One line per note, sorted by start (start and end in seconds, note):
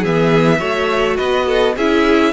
0.00 0.61 E3
0.00 0.59 B3
0.00 0.58 G#4
0.00 1.17 E5
0.59 1.19 A3
0.59 1.75 F#4
0.59 1.17 C#5
1.17 1.77 B3
1.17 1.46 B4
1.17 1.75 D#5
1.46 1.75 A4
1.77 2.33 C#4
1.77 2.33 E4
1.77 2.33 G#4
1.77 2.33 E5